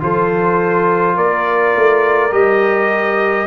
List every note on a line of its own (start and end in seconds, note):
0.00 1.18 F3
0.00 2.31 F4
0.00 1.17 A4
0.00 1.18 C5
1.17 1.75 A#3
1.17 3.47 A#4
1.17 2.33 D5
1.76 2.32 A3
2.32 3.47 G3
2.32 3.48 G4
2.32 3.48 D#5